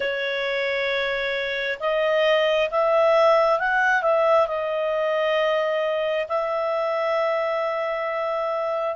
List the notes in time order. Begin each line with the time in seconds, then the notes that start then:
0.00 C#5
1.80 D#5
2.70 E5
3.59 F#5
4.02 E5
4.47 D#5
6.28 E5